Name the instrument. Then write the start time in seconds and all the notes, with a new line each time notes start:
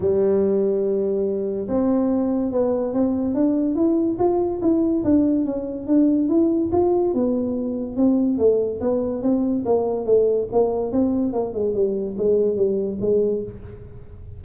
tuba
0.00 G3
1.68 C4
2.51 B3
2.93 C4
3.34 D4
3.75 E4
4.18 F4
4.61 E4
5.03 D4
5.45 C#4
5.86 D4
6.28 E4
6.72 F4
7.13 B3
7.96 C4
8.37 A3
8.80 B3
9.22 C4
9.65 A#3
10.05 A3
10.51 A#3
10.91 C4
11.32 A#3
11.53 G#3
11.74 G3
12.17 G#3
12.56 G3
13.01 G#3